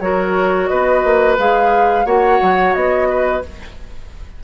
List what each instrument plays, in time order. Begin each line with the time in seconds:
0.00 bassoon F#3, clarinet F#4, oboe A#4, flute C#5
0.67 bassoon B3, oboe B4, flute D#5
1.04 bassoon A#3
1.38 bassoon G#3, clarinet G#4, flute F5
2.05 bassoon A#3, clarinet F#4, oboe C#5, flute F#5
2.42 bassoon F#3
2.74 bassoon B3, flute D#5
3.10 oboe B4